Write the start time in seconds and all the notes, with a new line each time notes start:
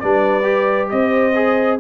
0.00 G3 D4 B4 D5
0.43 G4
0.90 C4 C5 D#5
1.35 G#4